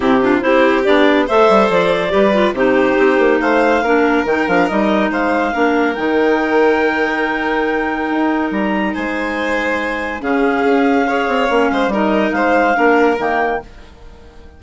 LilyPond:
<<
  \new Staff \with { instrumentName = "clarinet" } { \time 4/4 \tempo 4 = 141 g'4 c''4 d''4 e''4 | d''2 c''2 | f''2 g''8 f''8 dis''4 | f''2 g''2~ |
g''1 | ais''4 gis''2. | f''1 | dis''4 f''2 g''4 | }
  \new Staff \with { instrumentName = "violin" } { \time 4/4 e'8 f'8 g'2 c''4~ | c''4 b'4 g'2 | c''4 ais'2. | c''4 ais'2.~ |
ais'1~ | ais'4 c''2. | gis'2 cis''4. c''8 | ais'4 c''4 ais'2 | }
  \new Staff \with { instrumentName = "clarinet" } { \time 4/4 c'8 d'8 e'4 d'4 a'4~ | a'4 g'8 f'8 dis'2~ | dis'4 d'4 dis'8 d'8 dis'4~ | dis'4 d'4 dis'2~ |
dis'1~ | dis'1 | cis'2 gis'4 cis'4 | dis'2 d'4 ais4 | }
  \new Staff \with { instrumentName = "bassoon" } { \time 4/4 c4 c'4 b4 a8 g8 | f4 g4 c4 c'8 ais8 | a4 ais4 dis8 f8 g4 | gis4 ais4 dis2~ |
dis2. dis'4 | g4 gis2. | cis4 cis'4. c'8 ais8 gis8 | g4 gis4 ais4 dis4 | }
>>